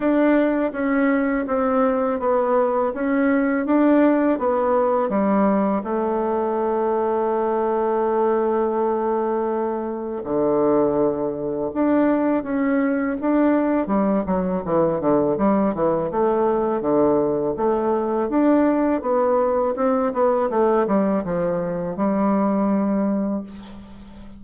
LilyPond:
\new Staff \with { instrumentName = "bassoon" } { \time 4/4 \tempo 4 = 82 d'4 cis'4 c'4 b4 | cis'4 d'4 b4 g4 | a1~ | a2 d2 |
d'4 cis'4 d'4 g8 fis8 | e8 d8 g8 e8 a4 d4 | a4 d'4 b4 c'8 b8 | a8 g8 f4 g2 | }